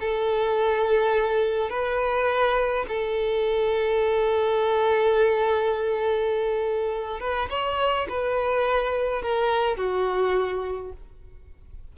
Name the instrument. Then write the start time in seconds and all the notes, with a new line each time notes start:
violin
0.00 A4
1.70 B4
2.88 A4
7.20 B4
7.49 C#5
8.09 B4
9.22 A#4
9.77 F#4